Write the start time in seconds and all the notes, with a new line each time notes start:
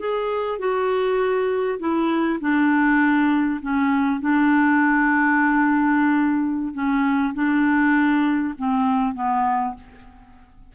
0.00 G#4
0.59 F#4
1.80 E4
2.41 D4
3.62 C#4
4.21 D4
6.74 C#4
7.34 D4
8.58 C4
9.15 B3